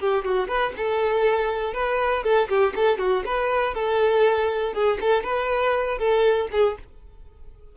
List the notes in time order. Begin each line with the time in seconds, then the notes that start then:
0.00 G4
0.25 F#4
0.48 B4
0.77 A4
1.74 B4
2.24 A4
2.49 G4
2.76 A4
2.99 F#4
3.26 B4
3.75 A4
4.74 G#4
5.01 A4
5.24 B4
5.99 A4
6.52 G#4